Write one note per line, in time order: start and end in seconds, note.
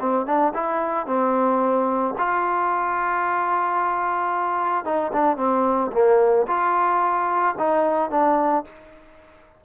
0.00 0.26 C4
0.26 0.53 D4
0.54 1.06 E4
1.06 2.14 C4
2.18 4.84 F4
4.84 5.11 D#4
5.13 5.37 D4
5.37 5.91 C4
5.92 6.46 A#3
6.47 7.55 F4
7.58 8.10 D#4
8.10 8.64 D4